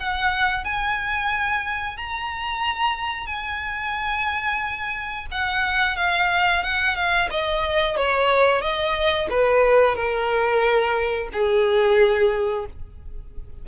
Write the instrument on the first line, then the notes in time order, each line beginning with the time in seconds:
violin
0.00 F#5
0.65 G#5
1.98 A#5
3.26 G#5
5.32 F#5
5.97 F5
6.63 F#5
6.96 F5
7.31 D#5
7.97 C#5
8.62 D#5
9.31 B4
9.96 A#4
11.33 G#4